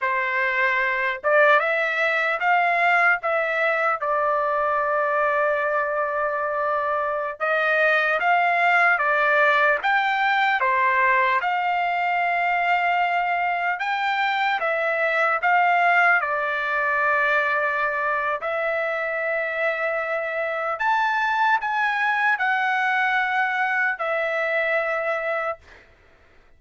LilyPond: \new Staff \with { instrumentName = "trumpet" } { \time 4/4 \tempo 4 = 75 c''4. d''8 e''4 f''4 | e''4 d''2.~ | d''4~ d''16 dis''4 f''4 d''8.~ | d''16 g''4 c''4 f''4.~ f''16~ |
f''4~ f''16 g''4 e''4 f''8.~ | f''16 d''2~ d''8. e''4~ | e''2 a''4 gis''4 | fis''2 e''2 | }